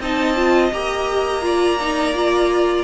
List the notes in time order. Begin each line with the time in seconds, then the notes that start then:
0.00 C4 D#4 D#5 A5
0.36 F4
0.72 A#3 G4 A#5
1.42 F4 D5
1.81 D#4
2.14 F4